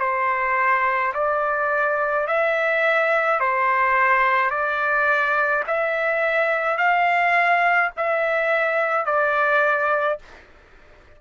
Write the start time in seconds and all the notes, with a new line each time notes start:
0.00 C5
1.14 D5
2.27 E5
3.40 C5
4.50 D5
5.67 E5
6.78 F5
7.97 E5
9.06 D5